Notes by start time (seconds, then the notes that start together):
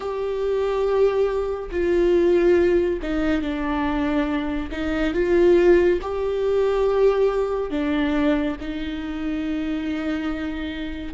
0.00 G4
1.71 F4
3.02 D#4
3.41 D4
4.71 D#4
5.14 F4
6.01 G4
7.70 D4
8.60 D#4